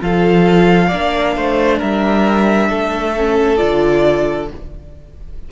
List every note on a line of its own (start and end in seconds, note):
0.00 0.91 F3
0.00 0.90 F4
0.00 0.87 A4
0.00 1.80 F5
0.87 1.36 A#3
0.87 3.15 D4
0.87 1.32 D5
1.36 1.81 A3
1.36 1.78 C5
1.78 2.70 G3
1.78 2.68 A#4
1.78 3.57 E5
2.69 3.60 A3
2.69 4.49 A4
3.16 3.57 C#4
3.57 4.51 D3
3.57 4.47 F4
3.57 4.46 D5